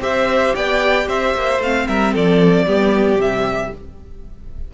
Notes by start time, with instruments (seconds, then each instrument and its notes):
0.00 cello C4, viola G4, violin C5 E5
0.54 cello B3, violin D5 G5
1.07 cello C4, violin C5 E5
1.34 cello A#3
1.58 cello A3, viola C4, violin F5
1.87 cello G3, violin A#4 E5
2.12 cello F3, violin A4 D5
2.65 cello G3, viola B3, violin G4
3.16 cello C3, viola G3, violin E5